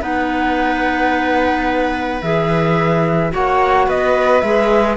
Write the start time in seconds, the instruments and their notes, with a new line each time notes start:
0.00 cello B3, clarinet D#4, viola B4, flute F#5
2.22 cello E3, clarinet G#4, flute E5
3.31 cello A#3, clarinet F#4, viola C#5, flute F#5
3.86 cello B3, viola B4, flute D#5
4.40 cello G#3, clarinet G#4, flute E5